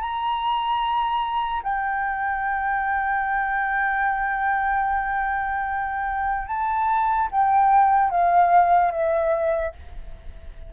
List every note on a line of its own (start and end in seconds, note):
0.00 1.62 A#5
1.63 6.47 G5
6.47 7.28 A5
7.31 8.10 G5
8.10 8.91 F5
8.91 9.72 E5